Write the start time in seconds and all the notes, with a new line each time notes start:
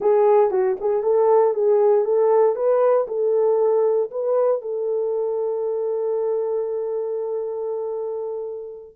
0.00 G#4
0.51 F#4
0.80 G#4
1.02 A4
1.53 G#4
2.04 A4
2.55 B4
3.07 A4
4.10 B4
4.61 A4